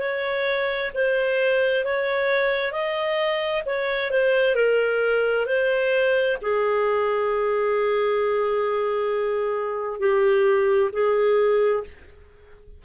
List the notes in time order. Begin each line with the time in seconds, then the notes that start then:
0.00 C#5
0.95 C5
1.85 C#5
2.72 D#5
3.65 C#5
4.11 C5
4.55 A#4
5.46 C5
6.41 G#4
10.00 G4
10.93 G#4